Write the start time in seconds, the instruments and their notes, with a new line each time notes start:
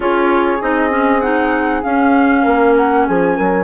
0.00 bassoon C#4, clarinet F4, horn G#4, flute C#5
0.61 bassoon C4, clarinet D#4, flute D#5
0.90 clarinet C#4
1.21 clarinet D#4, flute F#5
1.82 clarinet C#4, bassoon C#4, flute F5
2.42 bassoon A#3, horn A#4
2.76 flute F#5
3.07 bassoon F3, horn G#4, flute G#5
3.36 bassoon F#3, horn A#4